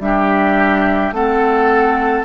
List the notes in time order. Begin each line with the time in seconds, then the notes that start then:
0.00 G3 D4 G4 E5
1.12 A3 C4 A4 F#5